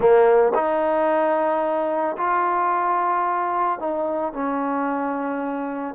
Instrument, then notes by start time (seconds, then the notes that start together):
trombone
0.00 A#3
0.54 D#4
2.17 F4
3.79 D#4
4.33 C#4